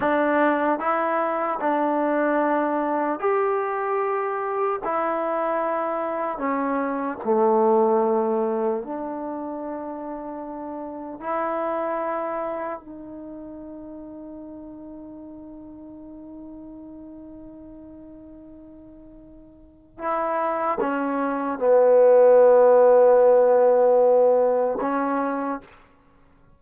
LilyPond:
\new Staff \with { instrumentName = "trombone" } { \time 4/4 \tempo 4 = 75 d'4 e'4 d'2 | g'2 e'2 | cis'4 a2 d'4~ | d'2 e'2 |
dis'1~ | dis'1~ | dis'4 e'4 cis'4 b4~ | b2. cis'4 | }